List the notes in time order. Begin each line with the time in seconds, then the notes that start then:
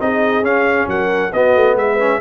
0.00 C4 D#4 G#4 D#5
0.43 C#4 F5
0.87 F#3 A#4 F#5
1.33 B3 F#4 D#5
1.56 A3
1.75 G#3 B4 E5
1.99 C#4